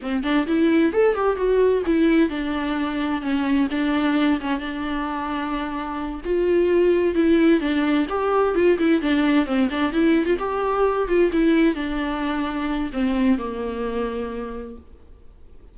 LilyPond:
\new Staff \with { instrumentName = "viola" } { \time 4/4 \tempo 4 = 130 c'8 d'8 e'4 a'8 g'8 fis'4 | e'4 d'2 cis'4 | d'4. cis'8 d'2~ | d'4. f'2 e'8~ |
e'8 d'4 g'4 f'8 e'8 d'8~ | d'8 c'8 d'8 e'8. f'16 g'4. | f'8 e'4 d'2~ d'8 | c'4 ais2. | }